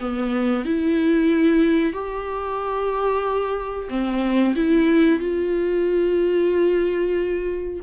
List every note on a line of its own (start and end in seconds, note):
0.00 0.65 B3
0.65 1.93 E4
1.93 3.88 G4
3.89 4.54 C4
4.55 5.19 E4
5.19 7.80 F4